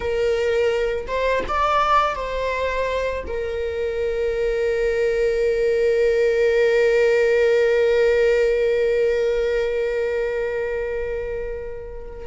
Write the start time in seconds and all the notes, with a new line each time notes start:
0.00 A#4
1.07 C5
1.48 D5
2.15 C5
3.27 A#4